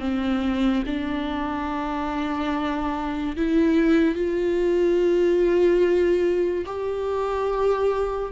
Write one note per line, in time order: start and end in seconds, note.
0.00 0.83 C4
0.86 3.36 D4
3.37 4.15 E4
4.15 6.65 F4
6.66 8.33 G4